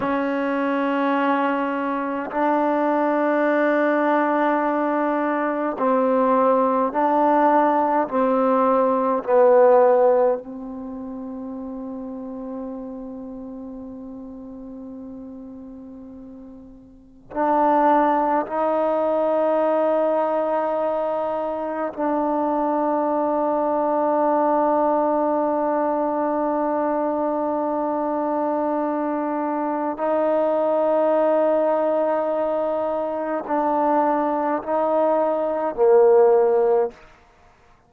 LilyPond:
\new Staff \with { instrumentName = "trombone" } { \time 4/4 \tempo 4 = 52 cis'2 d'2~ | d'4 c'4 d'4 c'4 | b4 c'2.~ | c'2. d'4 |
dis'2. d'4~ | d'1~ | d'2 dis'2~ | dis'4 d'4 dis'4 ais4 | }